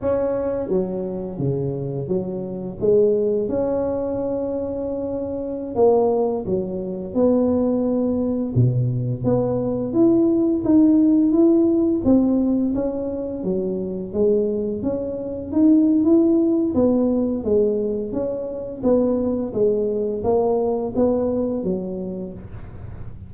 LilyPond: \new Staff \with { instrumentName = "tuba" } { \time 4/4 \tempo 4 = 86 cis'4 fis4 cis4 fis4 | gis4 cis'2.~ | cis'16 ais4 fis4 b4.~ b16~ | b16 b,4 b4 e'4 dis'8.~ |
dis'16 e'4 c'4 cis'4 fis8.~ | fis16 gis4 cis'4 dis'8. e'4 | b4 gis4 cis'4 b4 | gis4 ais4 b4 fis4 | }